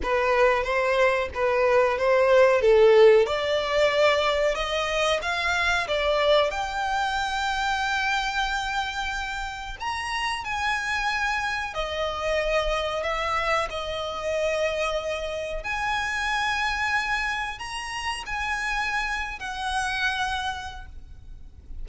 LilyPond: \new Staff \with { instrumentName = "violin" } { \time 4/4 \tempo 4 = 92 b'4 c''4 b'4 c''4 | a'4 d''2 dis''4 | f''4 d''4 g''2~ | g''2. ais''4 |
gis''2 dis''2 | e''4 dis''2. | gis''2. ais''4 | gis''4.~ gis''16 fis''2~ fis''16 | }